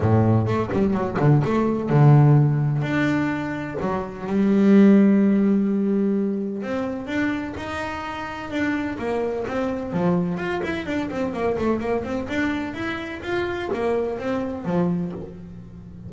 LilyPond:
\new Staff \with { instrumentName = "double bass" } { \time 4/4 \tempo 4 = 127 a,4 a8 g8 fis8 d8 a4 | d2 d'2 | fis4 g2.~ | g2 c'4 d'4 |
dis'2 d'4 ais4 | c'4 f4 f'8 e'8 d'8 c'8 | ais8 a8 ais8 c'8 d'4 e'4 | f'4 ais4 c'4 f4 | }